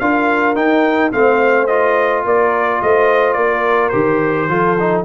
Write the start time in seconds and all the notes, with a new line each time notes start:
0.00 D4 F4 A#4 F5
0.56 D#4 G5
1.13 A3 C4 C5 F5
1.67 F4 D#5
2.25 A#3 A#4 D5
2.82 A3 C5 D#5
3.34 A#3 A#4 D5
3.89 D#3 G4 C5
4.49 F3 F4 A4
4.80 D#4